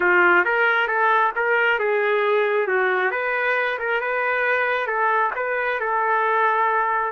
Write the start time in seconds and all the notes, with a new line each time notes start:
0.00 F4
0.44 A#4
0.87 A4
1.35 A#4
1.79 G#4
2.67 F#4
3.11 B4
3.78 A#4
4.00 B4
4.86 A4
5.35 B4
5.80 A4